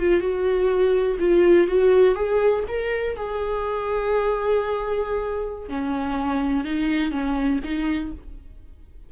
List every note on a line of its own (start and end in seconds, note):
0.00 0.21 F4
0.21 1.18 F#4
1.20 1.68 F4
1.68 2.16 F#4
2.16 2.64 G#4
2.68 3.17 A#4
3.17 5.69 G#4
5.69 6.65 C#4
6.65 7.12 D#4
7.12 7.60 C#4
7.64 8.12 D#4